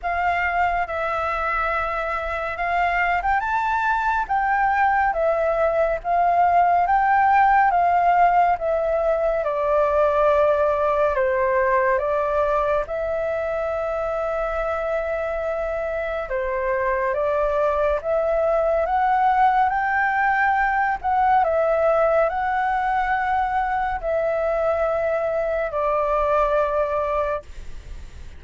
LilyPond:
\new Staff \with { instrumentName = "flute" } { \time 4/4 \tempo 4 = 70 f''4 e''2 f''8. g''16 | a''4 g''4 e''4 f''4 | g''4 f''4 e''4 d''4~ | d''4 c''4 d''4 e''4~ |
e''2. c''4 | d''4 e''4 fis''4 g''4~ | g''8 fis''8 e''4 fis''2 | e''2 d''2 | }